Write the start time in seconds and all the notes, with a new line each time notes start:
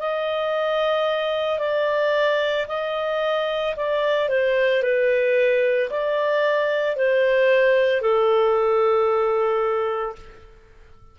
0.00 D#5
1.59 D5
2.68 D#5
3.76 D5
4.30 C5
4.83 B4
5.90 D5
6.97 C5
8.02 A4